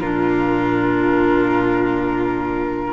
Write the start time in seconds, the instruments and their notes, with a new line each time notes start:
0.00 cello A#2, clarinet D4, violin F4, flute A#4